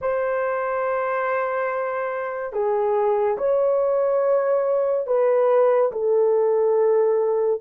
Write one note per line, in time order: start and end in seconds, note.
0.01 2.52 C5
2.52 3.37 G#4
3.37 5.06 C#5
5.07 5.91 B4
5.92 7.61 A4